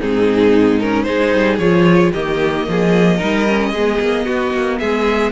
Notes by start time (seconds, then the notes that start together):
0.00 G#2 C4 D#4 G#4
0.79 C#4 A#4
1.03 G#3 D#4 G#4 C5
1.33 G3
1.58 F3 F4 C#5
2.12 D#3 A#3 G4 D#5
2.67 F3 G#4
3.16 G3 D#4 A#4
3.47 C#4
3.72 G#3 B3 G#4
4.00 A#3
4.25 B3 F#4
4.54 A#3
4.79 G#3 G#4 E5